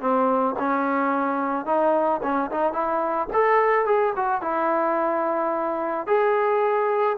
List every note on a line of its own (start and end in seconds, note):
0.00 0.55 C4
0.58 1.65 C#4
1.65 2.20 D#4
2.22 2.50 C#4
2.51 2.72 D#4
2.72 3.27 E4
3.33 3.85 A4
3.85 4.13 G#4
4.16 4.41 F#4
4.41 6.06 E4
6.07 7.17 G#4